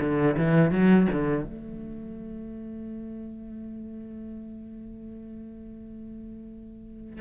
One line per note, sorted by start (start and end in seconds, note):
0.00 0.36 D3
0.37 0.71 E3
0.71 1.07 F#3
1.11 1.44 D3
1.44 7.21 A3